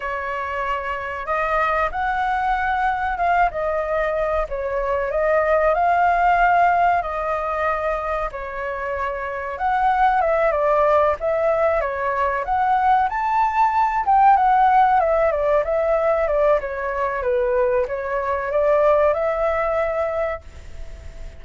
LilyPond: \new Staff \with { instrumentName = "flute" } { \time 4/4 \tempo 4 = 94 cis''2 dis''4 fis''4~ | fis''4 f''8 dis''4. cis''4 | dis''4 f''2 dis''4~ | dis''4 cis''2 fis''4 |
e''8 d''4 e''4 cis''4 fis''8~ | fis''8 a''4. g''8 fis''4 e''8 | d''8 e''4 d''8 cis''4 b'4 | cis''4 d''4 e''2 | }